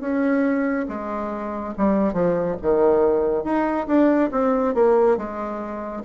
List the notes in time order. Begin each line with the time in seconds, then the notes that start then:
0.00 C#4
0.88 G#3
1.77 G3
2.13 F3
2.62 D#3
3.44 D#4
3.87 D4
4.31 C4
4.74 A#3
5.17 G#3